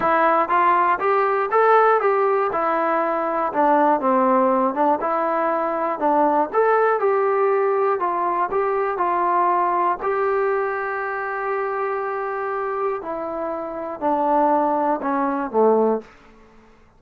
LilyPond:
\new Staff \with { instrumentName = "trombone" } { \time 4/4 \tempo 4 = 120 e'4 f'4 g'4 a'4 | g'4 e'2 d'4 | c'4. d'8 e'2 | d'4 a'4 g'2 |
f'4 g'4 f'2 | g'1~ | g'2 e'2 | d'2 cis'4 a4 | }